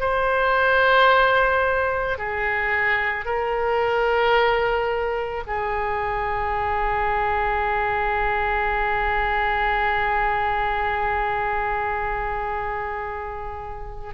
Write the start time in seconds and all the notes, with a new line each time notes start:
0.00 C5
2.18 G#4
3.25 A#4
5.47 G#4